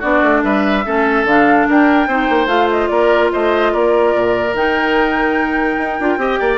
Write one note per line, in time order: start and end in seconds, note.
0.00 0.23 B3
0.00 0.85 D4
0.00 0.41 F#4
0.00 0.43 D5
0.23 0.43 A3
0.44 0.85 G3
0.44 0.85 B4
0.44 1.26 E5
0.86 1.25 A3
0.86 1.27 C#4
0.86 1.68 A4
1.25 1.66 D3
1.25 2.10 D4
1.25 1.69 F5
1.69 2.08 D4
1.69 2.08 A#4
1.69 2.49 G5
2.08 2.28 C4
2.08 2.47 D#4
2.08 2.90 C5
2.30 2.47 A#3
2.47 2.88 A3
2.47 4.53 F4
2.47 2.69 F5
2.71 2.88 D#5
2.88 3.32 A#3
2.88 3.32 A#4
2.88 3.30 D5
3.33 3.74 A3
3.33 3.73 C5
3.33 3.73 D#5
3.73 4.15 A#3
3.73 6.19 A#4
3.73 4.55 D5
4.15 4.54 A#2
4.54 5.77 D#3
4.54 6.01 D#4
4.54 6.58 G5
5.78 5.99 D#4
6.00 6.18 D4
6.00 6.19 F4
6.18 6.38 C4
6.18 6.58 G4
6.18 6.40 D#5
6.40 6.58 A#3
6.40 6.58 D5